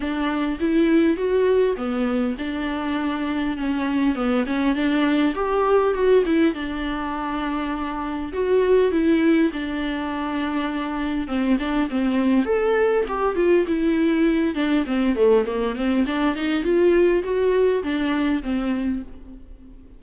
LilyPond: \new Staff \with { instrumentName = "viola" } { \time 4/4 \tempo 4 = 101 d'4 e'4 fis'4 b4 | d'2 cis'4 b8 cis'8 | d'4 g'4 fis'8 e'8 d'4~ | d'2 fis'4 e'4 |
d'2. c'8 d'8 | c'4 a'4 g'8 f'8 e'4~ | e'8 d'8 c'8 a8 ais8 c'8 d'8 dis'8 | f'4 fis'4 d'4 c'4 | }